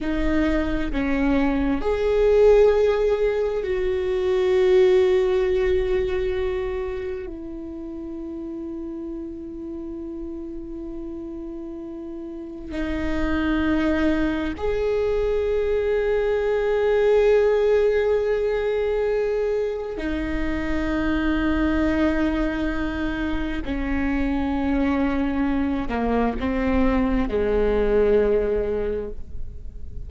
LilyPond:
\new Staff \with { instrumentName = "viola" } { \time 4/4 \tempo 4 = 66 dis'4 cis'4 gis'2 | fis'1 | e'1~ | e'2 dis'2 |
gis'1~ | gis'2 dis'2~ | dis'2 cis'2~ | cis'8 ais8 c'4 gis2 | }